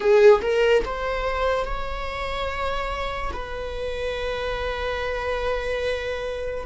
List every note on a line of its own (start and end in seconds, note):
0.00 0.40 G#4
0.41 0.83 A#4
0.84 1.64 C5
1.64 3.31 C#5
3.33 6.66 B4